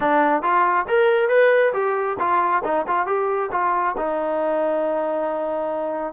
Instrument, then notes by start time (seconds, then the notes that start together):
trombone
0.00 D4
0.42 F4
0.88 A#4
1.28 B4
1.73 G4
2.19 F4
2.64 D#4
2.87 F4
3.06 G4
3.51 F4
3.97 D#4